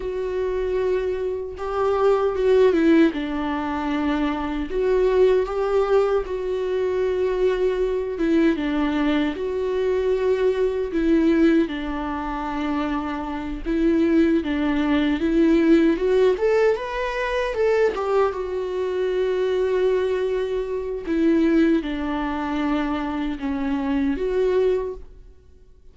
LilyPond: \new Staff \with { instrumentName = "viola" } { \time 4/4 \tempo 4 = 77 fis'2 g'4 fis'8 e'8 | d'2 fis'4 g'4 | fis'2~ fis'8 e'8 d'4 | fis'2 e'4 d'4~ |
d'4. e'4 d'4 e'8~ | e'8 fis'8 a'8 b'4 a'8 g'8 fis'8~ | fis'2. e'4 | d'2 cis'4 fis'4 | }